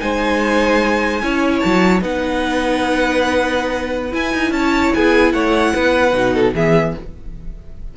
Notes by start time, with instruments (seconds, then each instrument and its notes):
0.00 cello G#3, viola D#4, violin C5 G#5
1.22 cello C#4, viola E4, violin C#5
1.59 cello F#3, violin A5
2.01 cello B3, viola D#4, violin B4 F#5
4.11 viola E4, cello E4, violin G#5
4.34 cello D#4
4.51 cello C#4, violin A5
4.57 violin C#5
4.94 cello B3, violin G#4 G#5
5.32 cello A3, violin C#5 F#5
5.73 cello B3, violin B4
6.12 cello B2, viola D#4
6.34 violin A4
6.54 cello E3, viola B3, violin G#4 E5